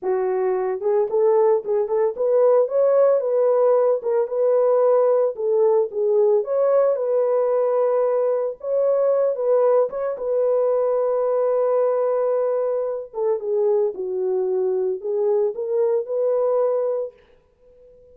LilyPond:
\new Staff \with { instrumentName = "horn" } { \time 4/4 \tempo 4 = 112 fis'4. gis'8 a'4 gis'8 a'8 | b'4 cis''4 b'4. ais'8 | b'2 a'4 gis'4 | cis''4 b'2. |
cis''4. b'4 cis''8 b'4~ | b'1~ | b'8 a'8 gis'4 fis'2 | gis'4 ais'4 b'2 | }